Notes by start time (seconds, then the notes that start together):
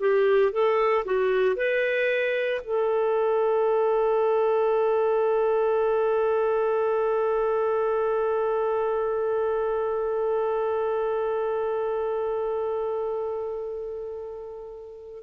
0.00 G4
0.53 A4
1.05 F#4
1.56 B4
2.64 A4